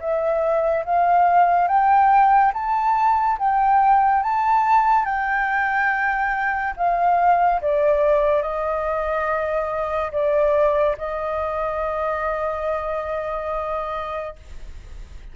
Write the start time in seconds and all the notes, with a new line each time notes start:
0.00 E5
0.85 F5
1.68 G5
2.54 A5
3.39 G5
4.23 A5
5.06 G5
6.77 F5
7.62 D5
8.42 D#5
10.12 D5
10.98 D#5